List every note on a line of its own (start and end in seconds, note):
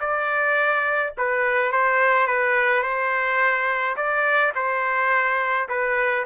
0.00 1.13 D5
1.18 1.72 B4
1.72 2.27 C5
2.27 2.83 B4
2.83 3.96 C5
3.96 4.53 D5
4.55 5.69 C5
5.69 6.25 B4